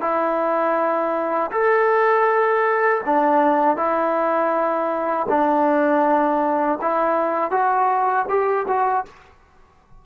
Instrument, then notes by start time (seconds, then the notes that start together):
trombone
0.00 E4
1.51 A4
3.05 D4
3.76 E4
5.29 D4
6.81 E4
7.51 F#4
8.29 G4
8.67 F#4